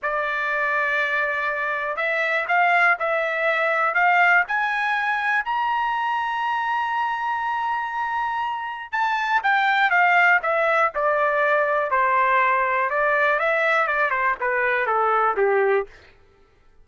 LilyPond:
\new Staff \with { instrumentName = "trumpet" } { \time 4/4 \tempo 4 = 121 d''1 | e''4 f''4 e''2 | f''4 gis''2 ais''4~ | ais''1~ |
ais''2 a''4 g''4 | f''4 e''4 d''2 | c''2 d''4 e''4 | d''8 c''8 b'4 a'4 g'4 | }